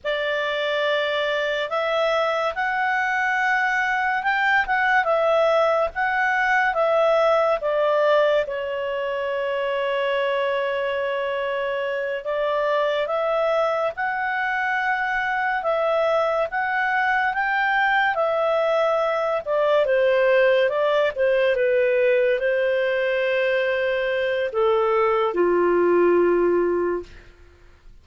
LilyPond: \new Staff \with { instrumentName = "clarinet" } { \time 4/4 \tempo 4 = 71 d''2 e''4 fis''4~ | fis''4 g''8 fis''8 e''4 fis''4 | e''4 d''4 cis''2~ | cis''2~ cis''8 d''4 e''8~ |
e''8 fis''2 e''4 fis''8~ | fis''8 g''4 e''4. d''8 c''8~ | c''8 d''8 c''8 b'4 c''4.~ | c''4 a'4 f'2 | }